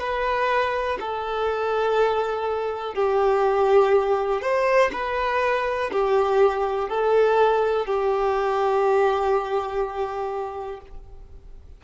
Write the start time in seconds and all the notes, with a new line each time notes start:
0.00 B4
1.01 A4
2.95 G4
4.42 C5
4.93 B4
5.92 G4
6.89 A4
7.86 G4